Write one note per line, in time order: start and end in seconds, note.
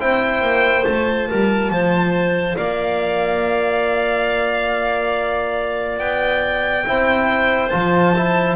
0.00 0.42 C4
0.00 0.84 E4
0.00 1.29 C5
0.00 0.85 G5
0.42 0.85 A#3
0.84 1.30 A3
0.84 6.84 F4
0.84 2.56 A5
1.29 1.70 G3
1.29 1.71 A#4
1.70 2.56 F3
1.70 2.57 C5
2.57 6.00 A#3
2.57 6.86 D5
2.57 5.99 F5
5.99 6.85 B3
5.99 7.69 G5
6.87 7.73 C4
6.87 7.72 E4
6.87 8.56 C5
7.69 8.56 F3
7.69 8.14 F4
7.69 8.55 A5
8.17 8.56 E4